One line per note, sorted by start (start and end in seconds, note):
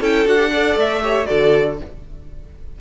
0.00 0.25 C#4
0.00 0.25 E4
0.00 0.51 A4
0.00 0.28 G5
0.25 0.76 D4
0.25 0.38 F#4
0.25 0.78 F#5
0.38 0.50 G4
0.52 1.03 A4
0.52 1.02 D5
0.76 1.26 A3
0.76 1.26 E5
1.03 1.25 G4
1.03 1.28 C#5
1.25 1.80 D3
1.25 1.76 F#4
1.25 1.78 A4
1.25 1.76 D5